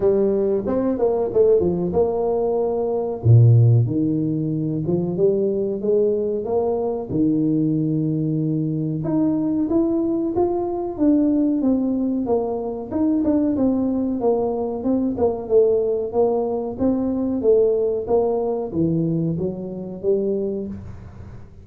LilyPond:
\new Staff \with { instrumentName = "tuba" } { \time 4/4 \tempo 4 = 93 g4 c'8 ais8 a8 f8 ais4~ | ais4 ais,4 dis4. f8 | g4 gis4 ais4 dis4~ | dis2 dis'4 e'4 |
f'4 d'4 c'4 ais4 | dis'8 d'8 c'4 ais4 c'8 ais8 | a4 ais4 c'4 a4 | ais4 e4 fis4 g4 | }